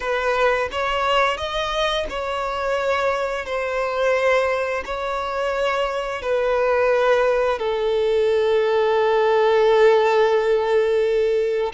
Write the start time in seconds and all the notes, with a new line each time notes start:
0.00 B4
0.71 C#5
1.37 D#5
2.09 C#5
3.45 C5
4.85 C#5
6.21 B4
7.58 A4